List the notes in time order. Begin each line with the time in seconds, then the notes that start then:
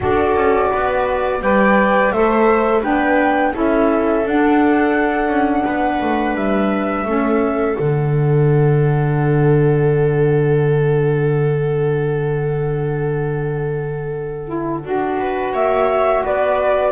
0.00 D4 F#4 A4 D5
0.35 C#4
0.70 B3 B4
1.41 G3 B4 D5 G5
2.11 A3 A4 C5 E5
2.80 B3 D4 B4 G5
3.53 C#4 E4 A4 E5
4.25 D4 F#5
5.28 C#4
5.65 B3 B4
6.01 A3
6.35 G3 E5
7.05 A3 C#4 A4
7.75 D3 D4 F#5
14.44 E4
14.83 D4 F#4
15.19 B4
15.52 A#3 C#5 E5
16.24 B3 B4 D5